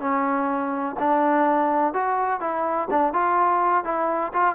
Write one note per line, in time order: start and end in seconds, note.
0.00 0.96 C#4
0.99 1.93 D4
1.93 2.40 F#4
2.40 2.88 E4
2.90 3.13 D4
3.13 3.84 F4
3.84 4.32 E4
4.33 4.55 F4